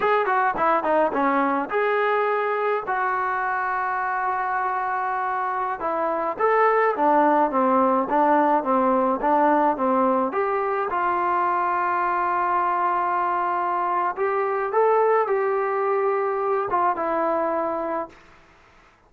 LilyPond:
\new Staff \with { instrumentName = "trombone" } { \time 4/4 \tempo 4 = 106 gis'8 fis'8 e'8 dis'8 cis'4 gis'4~ | gis'4 fis'2.~ | fis'2~ fis'16 e'4 a'8.~ | a'16 d'4 c'4 d'4 c'8.~ |
c'16 d'4 c'4 g'4 f'8.~ | f'1~ | f'4 g'4 a'4 g'4~ | g'4. f'8 e'2 | }